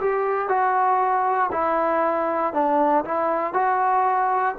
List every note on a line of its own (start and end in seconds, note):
0.00 0.49 G4
0.49 1.50 F#4
1.52 2.53 E4
2.53 3.04 D4
3.04 3.53 E4
3.53 4.55 F#4